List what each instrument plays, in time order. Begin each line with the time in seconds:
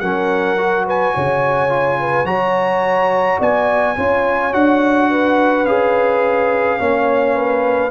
0.00 tuba F#3, trombone C#4, horn A#4, trumpet F#5
0.58 trombone F#4
0.86 horn B4, trumpet G#5
1.15 tuba C#3, horn C#5
1.69 trombone F4
2.00 horn B4
2.25 tuba F#3, trombone F#4, horn C#5, trumpet A#5
3.40 tuba B3, horn D5, trumpet G#5
3.96 tuba C#4, trombone F4, horn C#5
4.53 tuba D4, trombone F#4, trumpet F#5
5.11 horn B4
5.65 tuba C#4, trombone G#4, trumpet F5
6.79 tuba A#3, trombone C#4, horn C#5
7.36 horn B4